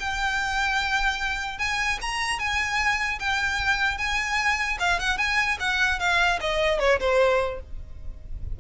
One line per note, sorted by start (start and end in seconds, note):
0.00 1.59 G5
1.59 1.99 G#5
2.01 2.39 A#5
2.39 3.19 G#5
3.19 3.98 G5
3.98 4.78 G#5
4.79 4.99 F5
4.99 5.18 F#5
5.18 5.58 G#5
5.60 5.99 F#5
5.99 6.39 F5
6.41 6.79 D#5
6.79 6.99 C#5
7.00 7.60 C5